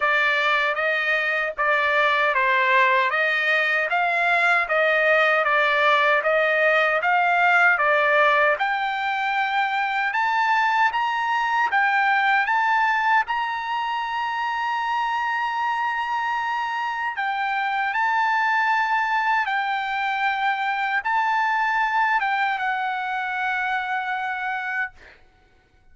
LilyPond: \new Staff \with { instrumentName = "trumpet" } { \time 4/4 \tempo 4 = 77 d''4 dis''4 d''4 c''4 | dis''4 f''4 dis''4 d''4 | dis''4 f''4 d''4 g''4~ | g''4 a''4 ais''4 g''4 |
a''4 ais''2.~ | ais''2 g''4 a''4~ | a''4 g''2 a''4~ | a''8 g''8 fis''2. | }